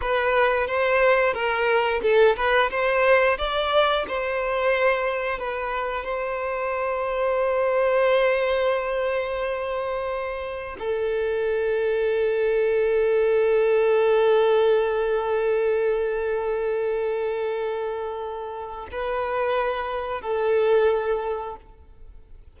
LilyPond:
\new Staff \with { instrumentName = "violin" } { \time 4/4 \tempo 4 = 89 b'4 c''4 ais'4 a'8 b'8 | c''4 d''4 c''2 | b'4 c''2.~ | c''1 |
a'1~ | a'1~ | a'1 | b'2 a'2 | }